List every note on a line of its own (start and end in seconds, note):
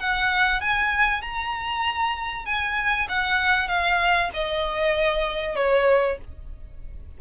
0.00 0.62 F#5
0.62 1.22 G#5
1.22 2.46 A#5
2.46 3.08 G#5
3.09 3.69 F#5
3.69 4.30 F5
4.34 5.56 D#5
5.56 6.18 C#5